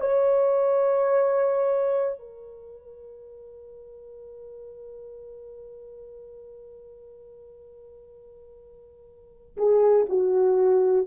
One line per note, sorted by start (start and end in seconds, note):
0.00 2.19 C#5
2.19 9.57 A#4
9.57 10.06 G#4
10.09 11.07 F#4